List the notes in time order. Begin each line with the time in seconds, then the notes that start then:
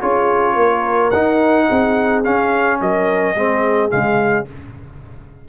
0.00 C#4 F4 G#4 C#5
0.54 A#3 A#4
1.11 D#4 F#5
1.69 C4 G#4
2.25 C#4 F5
2.81 F#3 A#4 D#5
3.36 G#3 C4 G#4
3.90 C#3 G#3 F5